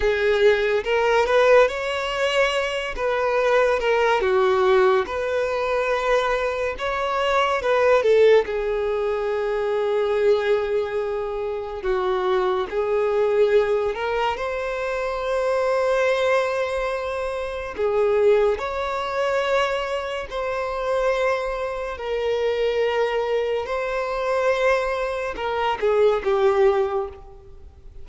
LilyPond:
\new Staff \with { instrumentName = "violin" } { \time 4/4 \tempo 4 = 71 gis'4 ais'8 b'8 cis''4. b'8~ | b'8 ais'8 fis'4 b'2 | cis''4 b'8 a'8 gis'2~ | gis'2 fis'4 gis'4~ |
gis'8 ais'8 c''2.~ | c''4 gis'4 cis''2 | c''2 ais'2 | c''2 ais'8 gis'8 g'4 | }